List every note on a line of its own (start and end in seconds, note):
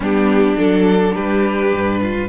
0.00 0.56 G3
0.00 0.57 B3
0.00 1.13 D4
0.00 0.58 G4
0.57 1.15 F#3
0.57 2.28 D4
0.57 1.15 A4
1.14 1.73 G3
1.14 2.00 G4
1.14 2.28 B4
1.73 2.28 G2
2.01 2.28 F4